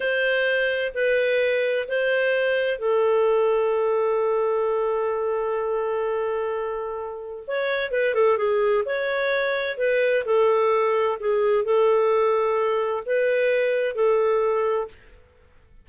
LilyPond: \new Staff \with { instrumentName = "clarinet" } { \time 4/4 \tempo 4 = 129 c''2 b'2 | c''2 a'2~ | a'1~ | a'1 |
cis''4 b'8 a'8 gis'4 cis''4~ | cis''4 b'4 a'2 | gis'4 a'2. | b'2 a'2 | }